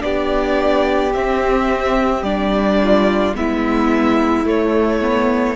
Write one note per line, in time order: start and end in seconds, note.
0.00 1.15 B3
0.00 1.11 D4
0.00 2.83 G4
0.00 1.13 D5
1.14 2.23 C4
1.14 2.26 C4
1.14 2.23 E5
2.23 3.34 G3
2.23 3.35 D4
2.23 3.34 D5
2.83 3.37 F4
3.35 4.46 G#3
3.35 4.46 B3
3.35 5.57 E4
3.35 4.48 E5
4.46 5.01 A3
4.46 5.57 A3
4.46 5.57 C#5
5.01 5.57 B3